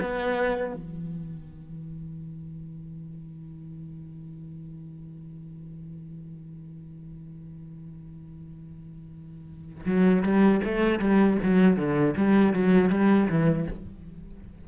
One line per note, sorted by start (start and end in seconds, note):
0.00 0.73 B3
0.73 9.85 E3
9.85 10.23 F#3
10.23 10.61 G3
10.64 10.99 A3
10.99 11.36 G3
11.42 11.76 F#3
11.76 12.14 D3
12.17 12.53 G3
12.53 12.89 F#3
12.89 13.27 G3
13.29 13.67 E3